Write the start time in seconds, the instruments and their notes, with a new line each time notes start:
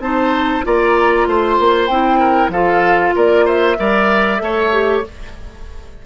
0.00 bassoon C4, clarinet D#4, oboe C5, flute A5
0.64 bassoon A#3, clarinet F4, oboe D5, flute A#5
1.27 bassoon A3, oboe C5, flute C6
1.60 bassoon A#3
1.88 bassoon C4, clarinet E4, flute G5
2.20 oboe A#4
2.49 bassoon F3, clarinet F4, oboe A4, flute F5
3.16 bassoon A#3, oboe A#4, flute D5
3.46 oboe C5, flute E5
3.77 bassoon G3, clarinet A#4, oboe D5
4.39 bassoon A3, clarinet A4, oboe C#5
4.73 clarinet G4